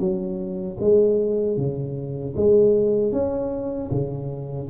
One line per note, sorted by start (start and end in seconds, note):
0.00 0.78 F#3
0.80 1.57 G#3
1.57 2.35 C#3
2.37 3.12 G#3
3.12 3.90 C#4
3.91 4.69 C#3